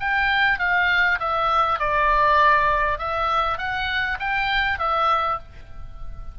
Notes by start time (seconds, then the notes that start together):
0.00 G5
0.59 F5
1.19 E5
1.79 D5
2.98 E5
3.58 F#5
4.20 G5
4.79 E5